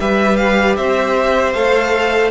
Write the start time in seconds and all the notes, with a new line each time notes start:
0.00 G3 G4 B4 E5
0.37 F5
0.76 C4 C5 E5
1.53 A3 A4 F5